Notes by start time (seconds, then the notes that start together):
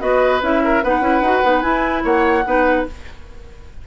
0.00 B3 F#4 B4 D#5
0.42 C#4 E4 E5
0.64 A#4
0.84 B3 D#4 B4 F#5
1.01 C#4 E4
1.21 D#4 F#4
1.44 B3 D#4
1.62 E4 G#5
2.04 A#3 C#5 F#5
2.46 B3 D#4 B4